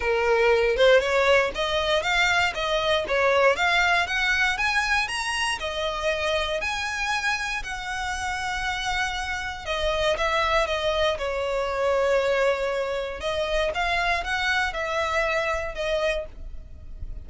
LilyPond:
\new Staff \with { instrumentName = "violin" } { \time 4/4 \tempo 4 = 118 ais'4. c''8 cis''4 dis''4 | f''4 dis''4 cis''4 f''4 | fis''4 gis''4 ais''4 dis''4~ | dis''4 gis''2 fis''4~ |
fis''2. dis''4 | e''4 dis''4 cis''2~ | cis''2 dis''4 f''4 | fis''4 e''2 dis''4 | }